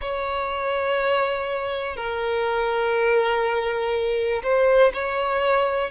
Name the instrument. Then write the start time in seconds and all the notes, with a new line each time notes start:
violin
0.00 C#5
1.96 A#4
4.43 C5
4.93 C#5